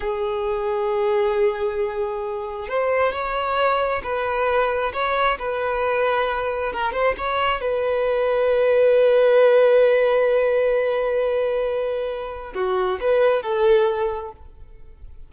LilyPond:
\new Staff \with { instrumentName = "violin" } { \time 4/4 \tempo 4 = 134 gis'1~ | gis'2 c''4 cis''4~ | cis''4 b'2 cis''4 | b'2. ais'8 c''8 |
cis''4 b'2.~ | b'1~ | b'1 | fis'4 b'4 a'2 | }